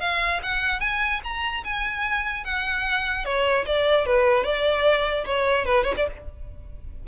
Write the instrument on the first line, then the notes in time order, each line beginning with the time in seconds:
violin
0.00 F5
0.42 F#5
0.80 G#5
1.23 A#5
1.64 G#5
2.44 F#5
3.25 C#5
3.66 D5
4.05 B4
4.44 D5
5.25 C#5
5.65 B4
5.84 C#5
5.97 D5